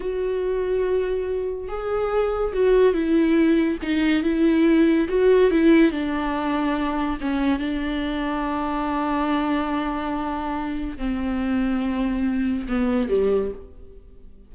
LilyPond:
\new Staff \with { instrumentName = "viola" } { \time 4/4 \tempo 4 = 142 fis'1 | gis'2 fis'4 e'4~ | e'4 dis'4 e'2 | fis'4 e'4 d'2~ |
d'4 cis'4 d'2~ | d'1~ | d'2 c'2~ | c'2 b4 g4 | }